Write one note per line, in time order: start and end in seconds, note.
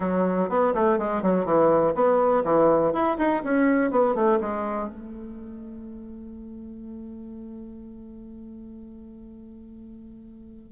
0.00 0.49 F#3
0.49 0.73 B3
0.74 0.98 A3
0.98 1.22 G#3
1.22 1.45 F#3
1.45 1.93 E3
1.94 2.43 B3
2.44 2.92 E3
2.92 3.17 E4
3.18 3.42 D#4
3.44 3.90 C#4
3.90 4.14 B3
4.14 4.39 A3
4.41 4.88 G#3
4.88 10.72 A3